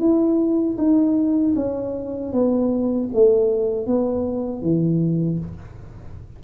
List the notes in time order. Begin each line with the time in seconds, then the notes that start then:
0.00 E4
0.78 D#4
1.56 C#4
2.33 B3
3.14 A3
3.87 B3
4.62 E3